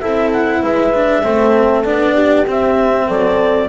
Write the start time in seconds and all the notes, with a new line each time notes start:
0.00 C4 E4 A4 E5
0.33 F#5
0.62 G#3 B4 E5
0.95 D4
1.23 A3 C4 A4
1.85 B3 D4 D5
2.14 G4
2.47 C4 E5
3.08 F#3 A4 D5